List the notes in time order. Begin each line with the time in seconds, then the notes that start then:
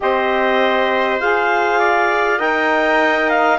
0.00 C4 G4 C5 D#5
1.20 F4 G#4 F5
1.79 D5
2.37 D#4 A#4 D#5 G5
3.29 F5